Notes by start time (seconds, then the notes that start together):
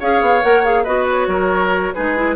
0.00 C#4 G#4 C#5 F5
0.21 B3
0.42 A#3 A#4 F#5
0.64 G#4 F5
0.84 B3 F#4 B4 D#5
1.11 C#5
1.28 F#3 A#4
1.94 G#3 D#4 G#4 B4
2.16 E4